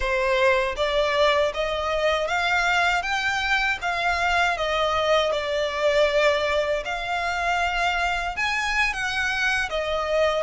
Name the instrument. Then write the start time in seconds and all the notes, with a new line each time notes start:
violin
0.00 C5
0.76 D5
1.54 D#5
2.28 F5
3.02 G5
3.81 F5
4.57 D#5
5.31 D5
6.85 F5
8.36 G#5
8.93 F#5
9.69 D#5